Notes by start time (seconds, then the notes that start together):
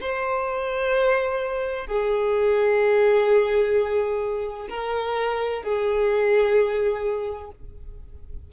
0.00 C5
1.87 G#4
4.69 A#4
5.62 G#4